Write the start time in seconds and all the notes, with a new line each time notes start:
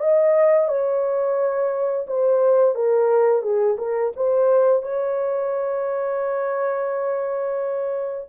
0.00 D#5
0.68 C#5
2.07 C5
2.75 A#4
3.42 G#4
3.78 A#4
4.16 C5
4.82 C#5